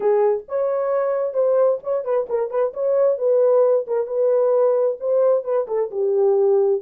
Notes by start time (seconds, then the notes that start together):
0.00 G#4
0.48 C#5
1.33 C5
1.83 C#5
2.04 B4
2.29 A#4
2.50 B4
2.73 C#5
3.18 B4
3.87 A#4
4.06 B4
4.99 C5
5.44 B4
5.67 A4
5.90 G4